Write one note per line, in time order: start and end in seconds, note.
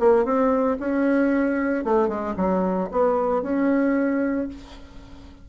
0.00 0.25 A#3
0.25 0.78 C4
0.80 1.84 C#4
1.84 2.09 A3
2.09 2.35 G#3
2.37 2.89 F#3
2.92 3.43 B3
3.43 4.48 C#4